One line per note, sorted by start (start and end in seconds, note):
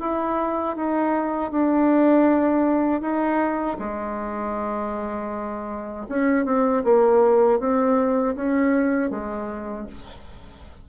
0.00 0.76 E4
0.76 1.51 D#4
1.51 3.01 D4
3.01 3.77 D#4
3.79 6.07 G#3
6.09 6.45 C#4
6.45 6.83 C4
6.84 7.59 A#3
7.59 8.35 C4
8.35 9.10 C#4
9.10 9.86 G#3